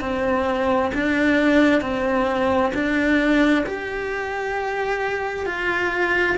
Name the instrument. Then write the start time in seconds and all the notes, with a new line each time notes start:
cello
0.00 C4
0.93 D4
1.81 C4
2.74 D4
3.65 G4
5.45 F4